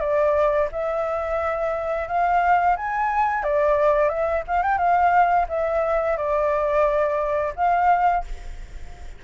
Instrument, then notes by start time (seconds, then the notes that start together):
flute
0.00 D5
0.72 E5
2.08 F5
2.76 G#5
3.44 D5
4.09 E5
4.48 F5
4.62 G5
4.78 F5
5.49 E5
6.17 D5
7.56 F5